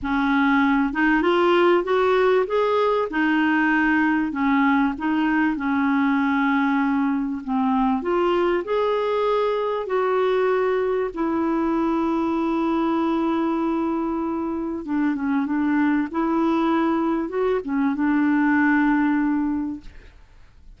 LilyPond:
\new Staff \with { instrumentName = "clarinet" } { \time 4/4 \tempo 4 = 97 cis'4. dis'8 f'4 fis'4 | gis'4 dis'2 cis'4 | dis'4 cis'2. | c'4 f'4 gis'2 |
fis'2 e'2~ | e'1 | d'8 cis'8 d'4 e'2 | fis'8 cis'8 d'2. | }